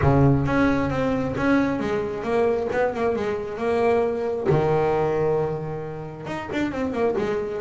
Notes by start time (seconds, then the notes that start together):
0.01 C#3
0.46 C#4
0.90 C4
1.36 C#4
1.79 G#3
2.23 A#3
2.72 B3
2.94 A#3
3.15 G#3
3.57 A#3
4.49 D#3
6.26 D#4
6.52 D4
6.71 C4
6.92 A#3
7.18 G#3